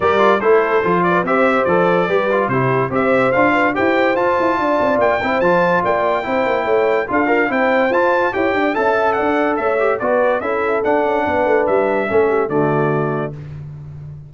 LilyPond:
<<
  \new Staff \with { instrumentName = "trumpet" } { \time 4/4 \tempo 4 = 144 d''4 c''4. d''8 e''4 | d''2 c''4 e''4 | f''4 g''4 a''2 | g''4 a''4 g''2~ |
g''4 f''4 g''4 a''4 | g''4 a''4 fis''4 e''4 | d''4 e''4 fis''2 | e''2 d''2 | }
  \new Staff \with { instrumentName = "horn" } { \time 4/4 ais'4 a'4. b'8 c''4~ | c''4 b'4 g'4 c''4~ | c''8 b'8 c''2 d''4~ | d''8 c''4. d''4 c''4 |
cis''4 a'8 f'8 c''2 | cis''8 d''8 e''4 d''4 cis''4 | b'4 a'2 b'4~ | b'4 a'8 g'8 fis'2 | }
  \new Staff \with { instrumentName = "trombone" } { \time 4/4 g'8 f'8 e'4 f'4 g'4 | a'4 g'8 f'8 e'4 g'4 | f'4 g'4 f'2~ | f'8 e'8 f'2 e'4~ |
e'4 f'8 ais'8 e'4 f'4 | g'4 a'2~ a'8 g'8 | fis'4 e'4 d'2~ | d'4 cis'4 a2 | }
  \new Staff \with { instrumentName = "tuba" } { \time 4/4 g4 a4 f4 c'4 | f4 g4 c4 c'4 | d'4 e'4 f'8 e'8 d'8 c'8 | ais8 c'8 f4 ais4 c'8 ais8 |
a4 d'4 c'4 f'4 | e'8 d'8 cis'4 d'4 a4 | b4 cis'4 d'8 cis'8 b8 a8 | g4 a4 d2 | }
>>